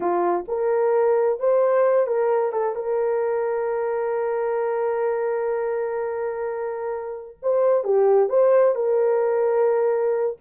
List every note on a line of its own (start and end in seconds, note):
0.00 0.45 F4
0.48 1.39 A#4
1.39 2.06 C5
2.06 2.52 A#4
2.52 2.75 A4
2.75 7.36 A#4
7.42 7.84 C5
7.84 8.29 G4
8.29 8.75 C5
8.75 10.36 A#4